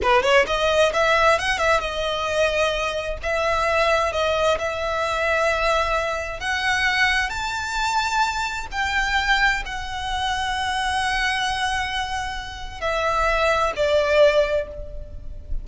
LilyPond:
\new Staff \with { instrumentName = "violin" } { \time 4/4 \tempo 4 = 131 b'8 cis''8 dis''4 e''4 fis''8 e''8 | dis''2. e''4~ | e''4 dis''4 e''2~ | e''2 fis''2 |
a''2. g''4~ | g''4 fis''2.~ | fis''1 | e''2 d''2 | }